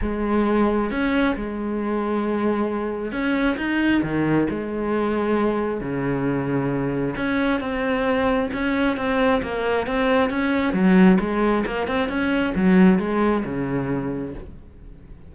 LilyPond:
\new Staff \with { instrumentName = "cello" } { \time 4/4 \tempo 4 = 134 gis2 cis'4 gis4~ | gis2. cis'4 | dis'4 dis4 gis2~ | gis4 cis2. |
cis'4 c'2 cis'4 | c'4 ais4 c'4 cis'4 | fis4 gis4 ais8 c'8 cis'4 | fis4 gis4 cis2 | }